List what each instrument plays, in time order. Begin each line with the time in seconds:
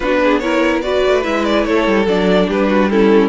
0.00 cello B3, viola D4, violin F#4 B4
0.23 violin G#4
0.38 viola E4, violin A#4 C#5
0.81 viola F#4, violin B4 D5
1.07 cello A3
1.23 cello G#3, viola E4, violin E5
1.44 violin D5
1.64 cello A3, violin A4 C#5
1.86 cello G3
2.05 cello F#3, viola D4, violin D5
2.47 cello G3, violin G4 B4
2.68 violin F#4
2.90 viola C#4, violin E4 A4